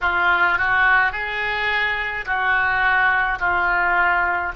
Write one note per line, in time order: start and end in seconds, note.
0.01 0.58 F4
0.58 1.12 F#4
1.12 2.25 G#4
2.25 3.39 F#4
3.39 4.52 F4